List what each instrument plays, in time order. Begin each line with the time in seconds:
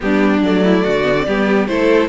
0.00 cello G3, viola B3, violin D4 G4
0.42 cello F#3, viola A3, violin D5
0.64 violin E4
0.83 cello D3, violin F#4
1.03 viola B3
1.17 viola C4
1.26 cello G3, viola B3, violin G4
1.66 cello A3, viola E4, violin A4 C5